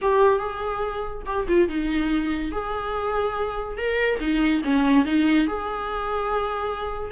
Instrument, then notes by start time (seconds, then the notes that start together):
viola
0.01 G4
0.38 G#4
1.25 G4
1.47 F4
1.68 D#4
2.51 G#4
3.77 A#4
4.20 D#4
4.64 C#4
5.05 D#4
5.47 G#4